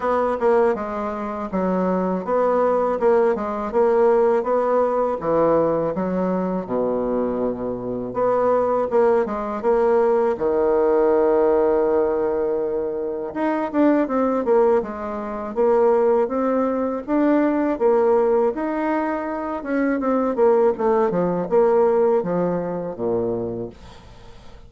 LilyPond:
\new Staff \with { instrumentName = "bassoon" } { \time 4/4 \tempo 4 = 81 b8 ais8 gis4 fis4 b4 | ais8 gis8 ais4 b4 e4 | fis4 b,2 b4 | ais8 gis8 ais4 dis2~ |
dis2 dis'8 d'8 c'8 ais8 | gis4 ais4 c'4 d'4 | ais4 dis'4. cis'8 c'8 ais8 | a8 f8 ais4 f4 ais,4 | }